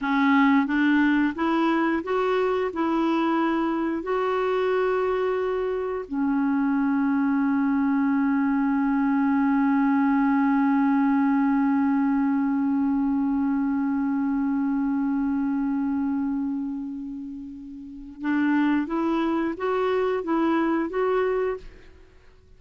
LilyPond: \new Staff \with { instrumentName = "clarinet" } { \time 4/4 \tempo 4 = 89 cis'4 d'4 e'4 fis'4 | e'2 fis'2~ | fis'4 cis'2.~ | cis'1~ |
cis'1~ | cis'1~ | cis'2. d'4 | e'4 fis'4 e'4 fis'4 | }